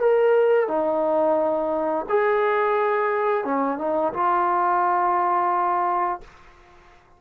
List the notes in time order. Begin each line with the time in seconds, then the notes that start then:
0.00 A#4
0.68 D#4
2.09 G#4
3.45 C#4
3.79 D#4
4.14 F4